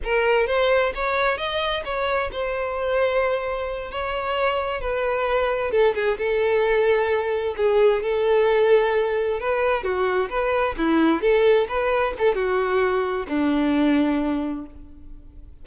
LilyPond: \new Staff \with { instrumentName = "violin" } { \time 4/4 \tempo 4 = 131 ais'4 c''4 cis''4 dis''4 | cis''4 c''2.~ | c''8 cis''2 b'4.~ | b'8 a'8 gis'8 a'2~ a'8~ |
a'8 gis'4 a'2~ a'8~ | a'8 b'4 fis'4 b'4 e'8~ | e'8 a'4 b'4 a'8 fis'4~ | fis'4 d'2. | }